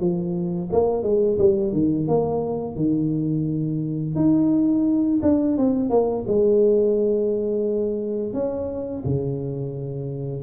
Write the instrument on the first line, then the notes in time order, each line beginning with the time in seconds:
tuba
0.00 F3
0.72 A#3
1.03 G#3
1.39 G3
1.73 D#3
2.08 A#3
2.76 D#3
4.16 D#4
5.23 D4
5.58 C4
5.90 A#3
6.28 G#3
8.34 C#4
9.05 C#3